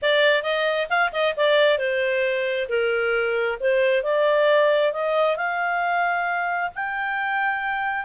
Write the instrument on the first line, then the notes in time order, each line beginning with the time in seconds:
clarinet
0.02 D5
0.43 D#5
0.89 F5
1.12 D#5
1.36 D5
1.78 C5
2.69 A#4
3.60 C5
4.03 D5
4.92 D#5
5.36 F5
6.75 G5